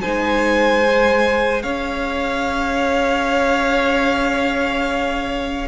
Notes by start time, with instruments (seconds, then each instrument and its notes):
0.00 cello G#3, viola D#4, violin C5 G#5
0.82 viola G#4
1.62 cello C#4, violin C#5 F5